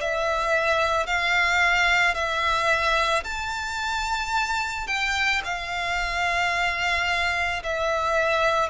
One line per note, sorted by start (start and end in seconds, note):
0.00 1.06 E5
1.06 2.14 F5
2.14 3.23 E5
3.24 4.87 A5
4.87 5.41 G5
5.44 7.63 F5
7.63 8.69 E5